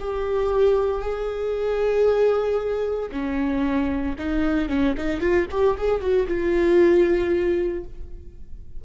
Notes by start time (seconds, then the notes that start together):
0.00 G4
1.02 G#4
3.12 C#4
4.19 D#4
4.69 C#4
4.98 D#4
5.21 F4
5.51 G4
5.78 G#4
6.01 F#4
6.28 F4